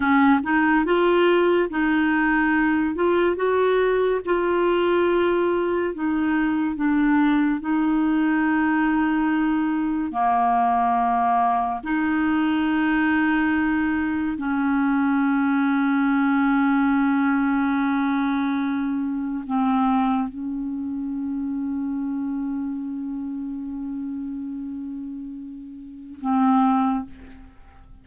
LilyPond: \new Staff \with { instrumentName = "clarinet" } { \time 4/4 \tempo 4 = 71 cis'8 dis'8 f'4 dis'4. f'8 | fis'4 f'2 dis'4 | d'4 dis'2. | ais2 dis'2~ |
dis'4 cis'2.~ | cis'2. c'4 | cis'1~ | cis'2. c'4 | }